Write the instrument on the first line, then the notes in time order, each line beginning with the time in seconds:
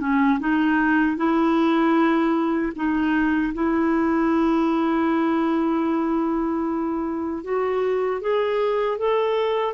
clarinet
0.00 C#4
0.40 D#4
1.17 E4
2.75 D#4
3.54 E4
7.43 F#4
8.21 G#4
8.98 A4